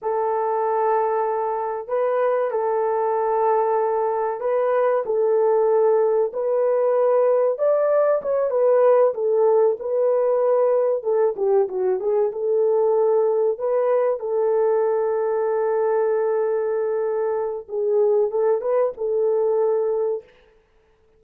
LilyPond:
\new Staff \with { instrumentName = "horn" } { \time 4/4 \tempo 4 = 95 a'2. b'4 | a'2. b'4 | a'2 b'2 | d''4 cis''8 b'4 a'4 b'8~ |
b'4. a'8 g'8 fis'8 gis'8 a'8~ | a'4. b'4 a'4.~ | a'1 | gis'4 a'8 b'8 a'2 | }